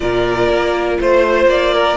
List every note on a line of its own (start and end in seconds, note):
0.00 0.48 A#2
0.00 1.96 F4
0.00 1.00 A#4
0.00 0.99 D5
0.48 0.98 A#3
1.00 1.45 A3
1.00 1.49 C5
1.00 1.73 C5
1.45 1.94 A#3
1.45 1.96 D5
1.73 1.96 A#4